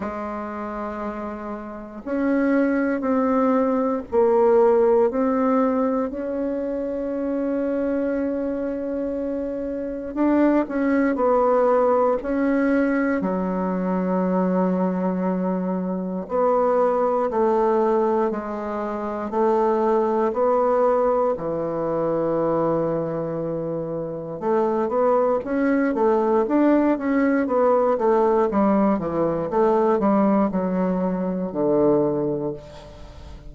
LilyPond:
\new Staff \with { instrumentName = "bassoon" } { \time 4/4 \tempo 4 = 59 gis2 cis'4 c'4 | ais4 c'4 cis'2~ | cis'2 d'8 cis'8 b4 | cis'4 fis2. |
b4 a4 gis4 a4 | b4 e2. | a8 b8 cis'8 a8 d'8 cis'8 b8 a8 | g8 e8 a8 g8 fis4 d4 | }